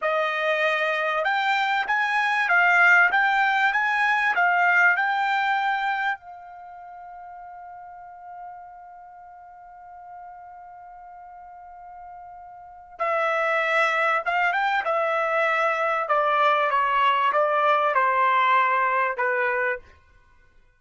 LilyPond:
\new Staff \with { instrumentName = "trumpet" } { \time 4/4 \tempo 4 = 97 dis''2 g''4 gis''4 | f''4 g''4 gis''4 f''4 | g''2 f''2~ | f''1~ |
f''1~ | f''4 e''2 f''8 g''8 | e''2 d''4 cis''4 | d''4 c''2 b'4 | }